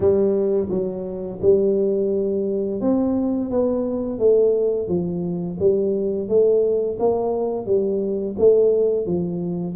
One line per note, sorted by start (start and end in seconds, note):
0.00 0.68 G3
0.69 1.39 F#3
1.41 2.80 G3
2.80 3.50 C4
3.50 4.19 B3
4.19 4.88 A3
4.88 5.58 F3
5.59 6.28 G3
6.28 6.98 A3
6.99 7.66 A#3
7.66 8.35 G3
8.38 9.05 A3
9.05 9.75 F3